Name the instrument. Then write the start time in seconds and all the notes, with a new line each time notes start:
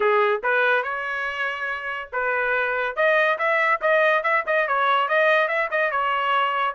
trumpet
0.00 G#4
0.43 B4
0.83 C#5
2.12 B4
2.95 D#5
3.38 E5
3.81 D#5
4.23 E5
4.46 D#5
4.67 C#5
5.08 D#5
5.48 E5
5.70 D#5
5.91 C#5